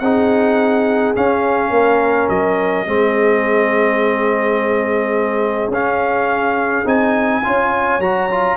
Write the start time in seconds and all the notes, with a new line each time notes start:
0.00 C4 D#4 G#4 F#5
1.15 C#4 F5
1.70 A#3 A#4
2.29 F#3 D#5
2.87 G#3 C4 G#4
5.68 C#4 F5
6.85 C4 D#4 G#5
7.44 C#4 F4 C#5
7.99 F#3 F#4 A#5
8.31 F4